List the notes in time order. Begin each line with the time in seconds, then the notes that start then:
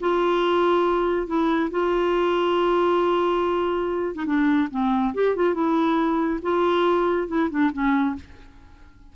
0.00 F4
1.27 E4
1.70 F4
4.15 D#4
4.26 D4
4.71 C4
5.14 G4
5.36 F4
5.54 E4
6.42 F4
7.28 E4
7.50 D4
7.72 C#4